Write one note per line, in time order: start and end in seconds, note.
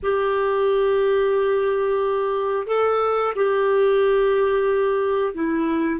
0.02 2.67 G4
2.67 3.33 A4
3.35 5.34 G4
5.34 6.00 E4